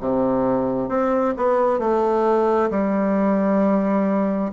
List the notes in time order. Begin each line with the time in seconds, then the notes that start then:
0.00 C3
0.89 C4
1.37 B3
1.79 A3
2.70 G3